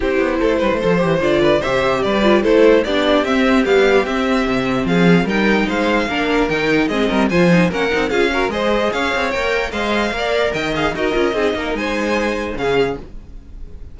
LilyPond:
<<
  \new Staff \with { instrumentName = "violin" } { \time 4/4 \tempo 4 = 148 c''2. d''4 | e''4 d''4 c''4 d''4 | e''4 f''4 e''2 | f''4 g''4 f''2 |
g''4 dis''4 gis''4 fis''4 | f''4 dis''4 f''4 g''4 | f''2 g''8 f''8 dis''4~ | dis''4 gis''2 f''4 | }
  \new Staff \with { instrumentName = "violin" } { \time 4/4 g'4 a'8 b'8 c''4. b'8 | c''4 b'4 a'4 g'4~ | g'1 | gis'4 ais'4 c''4 ais'4~ |
ais'4 gis'8 ais'8 c''4 ais'4 | gis'8 ais'8 c''4 cis''2 | dis''4 d''4 dis''4 ais'4 | gis'8 ais'8 c''2 gis'4 | }
  \new Staff \with { instrumentName = "viola" } { \time 4/4 e'2 a'8 g'8 f'4 | g'4. f'8 e'4 d'4 | c'4 g4 c'2~ | c'4 dis'2 d'4 |
dis'4 c'4 f'8 dis'8 cis'8 dis'8 | f'8 fis'8 gis'2 ais'4 | c''4 ais'4. gis'8 fis'8 f'8 | dis'2. cis'4 | }
  \new Staff \with { instrumentName = "cello" } { \time 4/4 c'8 b8 a8 g16 a16 f8 e8 d4 | c4 g4 a4 b4 | c'4 b4 c'4 c4 | f4 g4 gis4 ais4 |
dis4 gis8 g8 f4 ais8 c'8 | cis'4 gis4 cis'8 c'8 ais4 | gis4 ais4 dis4 dis'8 cis'8 | c'8 ais8 gis2 cis4 | }
>>